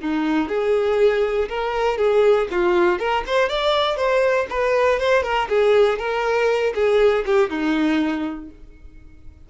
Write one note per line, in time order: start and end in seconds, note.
0.00 0.48 D#4
0.48 1.48 G#4
1.49 1.97 A#4
1.97 2.47 G#4
2.51 2.99 F4
2.99 3.24 A#4
3.26 3.49 C5
3.49 3.96 D5
3.96 4.46 C5
4.49 4.99 B4
4.99 5.23 C5
5.23 5.48 A#4
5.49 5.98 G#4
5.98 6.73 A#4
6.74 7.24 G#4
7.25 7.49 G4
7.49 8.49 D#4